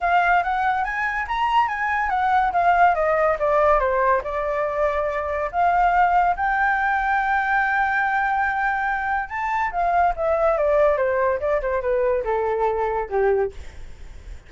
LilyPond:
\new Staff \with { instrumentName = "flute" } { \time 4/4 \tempo 4 = 142 f''4 fis''4 gis''4 ais''4 | gis''4 fis''4 f''4 dis''4 | d''4 c''4 d''2~ | d''4 f''2 g''4~ |
g''1~ | g''2 a''4 f''4 | e''4 d''4 c''4 d''8 c''8 | b'4 a'2 g'4 | }